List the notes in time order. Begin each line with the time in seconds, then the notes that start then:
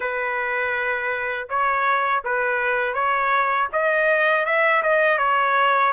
0.00 B4
1.49 C#5
2.24 B4
2.94 C#5
3.72 D#5
4.45 E5
4.82 D#5
5.18 C#5